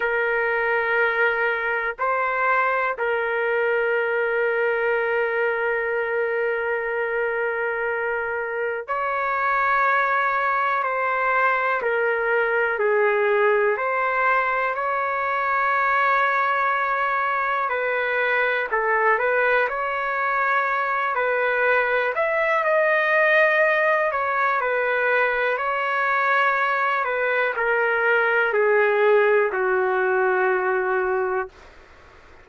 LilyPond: \new Staff \with { instrumentName = "trumpet" } { \time 4/4 \tempo 4 = 61 ais'2 c''4 ais'4~ | ais'1~ | ais'4 cis''2 c''4 | ais'4 gis'4 c''4 cis''4~ |
cis''2 b'4 a'8 b'8 | cis''4. b'4 e''8 dis''4~ | dis''8 cis''8 b'4 cis''4. b'8 | ais'4 gis'4 fis'2 | }